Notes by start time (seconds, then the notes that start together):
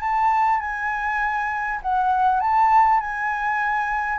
0.00 A5
0.60 G#5
1.82 F#5
2.40 A5
3.00 G#5